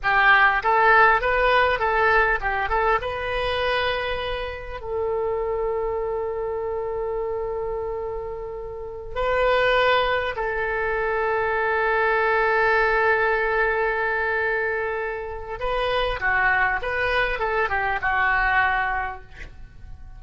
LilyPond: \new Staff \with { instrumentName = "oboe" } { \time 4/4 \tempo 4 = 100 g'4 a'4 b'4 a'4 | g'8 a'8 b'2. | a'1~ | a'2.~ a'16 b'8.~ |
b'4~ b'16 a'2~ a'8.~ | a'1~ | a'2 b'4 fis'4 | b'4 a'8 g'8 fis'2 | }